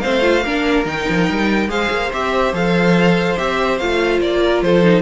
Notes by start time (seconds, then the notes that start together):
0.00 A3 C4 C5 F5
0.21 F4
0.44 A#3 D4 A#4
0.85 D#3 D#4 G5
1.09 F3
1.30 G3
1.68 G#3 G#4 C5 F5
1.91 A#3
2.13 C4 G4 E5
2.53 F3 A4 F5
3.37 C4 G4 E5
3.78 A3 F4 F5
4.20 A#3 D5
4.43 A#4
4.62 F3 A4 C5
4.83 D#4